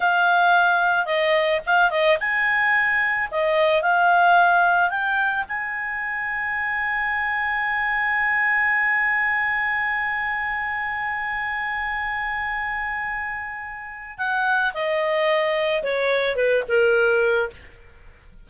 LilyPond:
\new Staff \with { instrumentName = "clarinet" } { \time 4/4 \tempo 4 = 110 f''2 dis''4 f''8 dis''8 | gis''2 dis''4 f''4~ | f''4 g''4 gis''2~ | gis''1~ |
gis''1~ | gis''1~ | gis''2 fis''4 dis''4~ | dis''4 cis''4 b'8 ais'4. | }